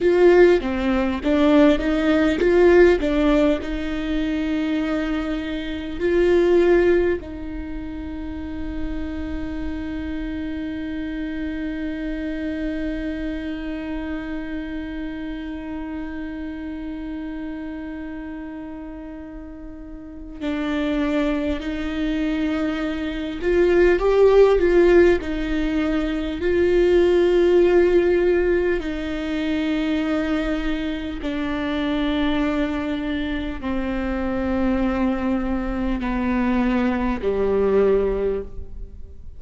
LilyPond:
\new Staff \with { instrumentName = "viola" } { \time 4/4 \tempo 4 = 50 f'8 c'8 d'8 dis'8 f'8 d'8 dis'4~ | dis'4 f'4 dis'2~ | dis'1~ | dis'1~ |
dis'4 d'4 dis'4. f'8 | g'8 f'8 dis'4 f'2 | dis'2 d'2 | c'2 b4 g4 | }